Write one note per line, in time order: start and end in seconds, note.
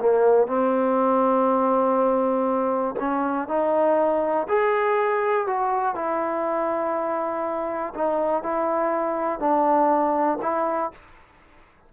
0.00 0.48 A#3
0.48 2.95 C4
3.00 3.49 C#4
3.49 4.48 D#4
4.49 5.47 G#4
5.47 5.95 F#4
5.95 7.94 E4
7.95 8.43 D#4
8.43 9.40 E4
9.40 10.39 D4
10.42 10.92 E4